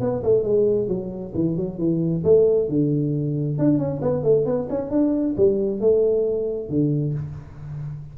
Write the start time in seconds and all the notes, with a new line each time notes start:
0.00 B3
0.23 A3
0.43 G#3
0.88 F#3
1.34 E3
1.56 F#3
1.78 E3
2.24 A3
2.69 D3
3.58 D4
3.78 C#4
4.01 B3
4.23 A3
4.45 B3
4.69 C#4
4.90 D4
5.37 G3
5.80 A3
6.69 D3